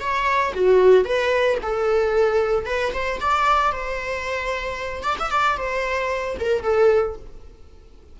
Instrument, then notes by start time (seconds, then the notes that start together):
viola
0.00 C#5
0.54 F#4
1.05 B4
1.63 A4
2.66 B4
2.93 C5
3.21 D5
3.72 C5
5.03 D5
5.19 E5
5.31 D5
5.57 C5
6.40 A#4
6.63 A4